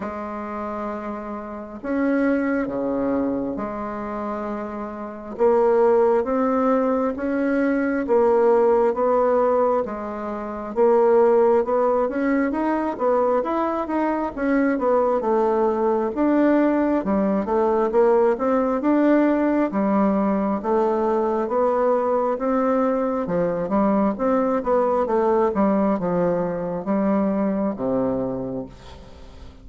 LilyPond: \new Staff \with { instrumentName = "bassoon" } { \time 4/4 \tempo 4 = 67 gis2 cis'4 cis4 | gis2 ais4 c'4 | cis'4 ais4 b4 gis4 | ais4 b8 cis'8 dis'8 b8 e'8 dis'8 |
cis'8 b8 a4 d'4 g8 a8 | ais8 c'8 d'4 g4 a4 | b4 c'4 f8 g8 c'8 b8 | a8 g8 f4 g4 c4 | }